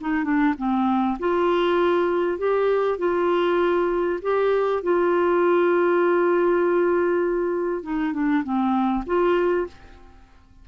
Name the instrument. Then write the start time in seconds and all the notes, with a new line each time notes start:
clarinet
0.00 D#4
0.24 D4
0.57 C4
1.19 F4
2.38 G4
2.98 F4
4.22 G4
4.83 F4
7.83 D#4
8.13 D4
8.43 C4
9.06 F4